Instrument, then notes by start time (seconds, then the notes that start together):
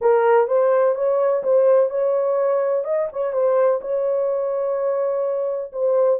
horn
0.01 A#4
0.47 C5
0.95 C#5
1.43 C5
1.90 C#5
2.84 D#5
3.12 C#5
3.32 C5
3.81 C#5
5.72 C5